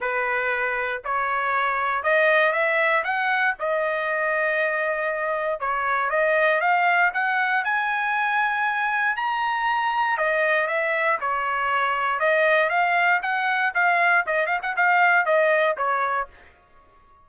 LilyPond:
\new Staff \with { instrumentName = "trumpet" } { \time 4/4 \tempo 4 = 118 b'2 cis''2 | dis''4 e''4 fis''4 dis''4~ | dis''2. cis''4 | dis''4 f''4 fis''4 gis''4~ |
gis''2 ais''2 | dis''4 e''4 cis''2 | dis''4 f''4 fis''4 f''4 | dis''8 f''16 fis''16 f''4 dis''4 cis''4 | }